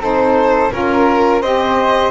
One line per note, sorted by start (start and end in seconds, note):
0.00 0.71 C4
0.00 0.71 D#4
0.00 0.72 A4
0.00 0.72 C5
0.71 1.42 C#4
0.71 1.42 F4
0.71 1.43 A#4
0.71 1.42 A#4
1.42 2.11 C4
1.42 2.11 G4
1.42 2.11 C5
1.42 2.11 D#5